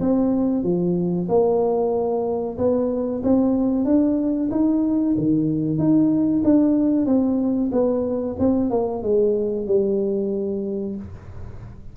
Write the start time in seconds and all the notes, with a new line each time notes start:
0.00 C4
0.63 F3
1.28 A#3
2.58 B3
3.23 C4
3.85 D4
4.51 D#4
5.17 D#3
5.78 D#4
6.44 D4
7.06 C4
7.72 B3
8.39 C4
8.70 A#3
9.02 G#3
9.67 G3